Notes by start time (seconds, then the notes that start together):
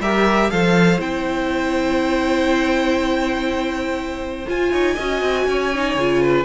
0.00 G3 G4 A#4 E5
0.50 F3 A4 C5 F5
0.99 C4 E4 G5
4.46 F4 G#5
4.72 D#4 C#5
4.95 C#4 F#4 D#5
5.22 C4
5.47 C#4 C#5
5.74 D#4
5.95 C#3 F4
6.22 B4